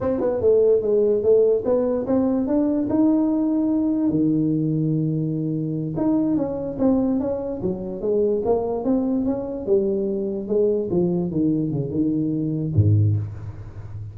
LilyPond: \new Staff \with { instrumentName = "tuba" } { \time 4/4 \tempo 4 = 146 c'8 b8 a4 gis4 a4 | b4 c'4 d'4 dis'4~ | dis'2 dis2~ | dis2~ dis8 dis'4 cis'8~ |
cis'8 c'4 cis'4 fis4 gis8~ | gis8 ais4 c'4 cis'4 g8~ | g4. gis4 f4 dis8~ | dis8 cis8 dis2 gis,4 | }